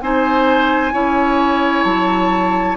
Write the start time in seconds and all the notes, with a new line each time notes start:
0.00 C4 D#4 C5 G#5
0.92 C#4 E4 C#5
1.84 F#3 A5